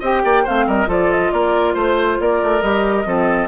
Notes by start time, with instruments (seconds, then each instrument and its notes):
0.00 bassoon C4, clarinet G4, oboe D#5, flute G5
0.24 bassoon A#3, oboe D5
0.43 bassoon A3, clarinet C4, oboe C5, flute F5
0.67 bassoon G3, oboe A#4, flute D#5
0.87 bassoon F3, clarinet F4, oboe A4, flute D5
1.12 flute D#5
1.32 bassoon A#3, oboe A#4, flute D5
1.74 bassoon A3, oboe C5, flute C5
2.20 bassoon A#3, oboe A#4, flute D5
2.42 bassoon A3
2.62 bassoon G3, clarinet G4, flute D#5
3.05 bassoon F3, clarinet C4, oboe A4